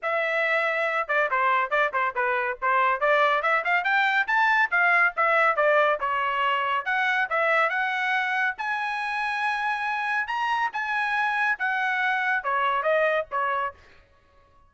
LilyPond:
\new Staff \with { instrumentName = "trumpet" } { \time 4/4 \tempo 4 = 140 e''2~ e''8 d''8 c''4 | d''8 c''8 b'4 c''4 d''4 | e''8 f''8 g''4 a''4 f''4 | e''4 d''4 cis''2 |
fis''4 e''4 fis''2 | gis''1 | ais''4 gis''2 fis''4~ | fis''4 cis''4 dis''4 cis''4 | }